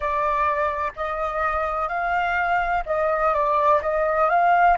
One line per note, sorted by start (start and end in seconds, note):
0.00 0.92 D5
0.95 1.88 D#5
1.88 2.83 F5
2.86 3.33 D#5
3.33 3.81 D5
3.81 4.29 D#5
4.29 4.77 F5